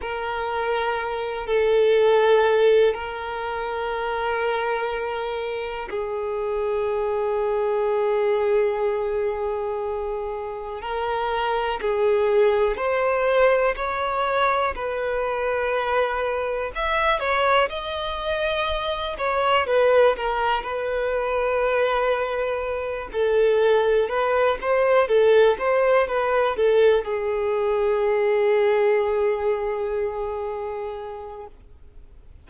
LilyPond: \new Staff \with { instrumentName = "violin" } { \time 4/4 \tempo 4 = 61 ais'4. a'4. ais'4~ | ais'2 gis'2~ | gis'2. ais'4 | gis'4 c''4 cis''4 b'4~ |
b'4 e''8 cis''8 dis''4. cis''8 | b'8 ais'8 b'2~ b'8 a'8~ | a'8 b'8 c''8 a'8 c''8 b'8 a'8 gis'8~ | gis'1 | }